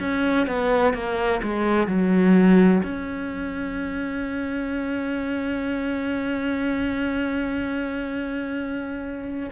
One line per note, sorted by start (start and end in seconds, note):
0.00 0.47 C#4
0.47 0.94 B3
0.94 1.42 A#3
1.43 1.88 G#3
1.88 2.83 F#3
2.83 9.50 C#4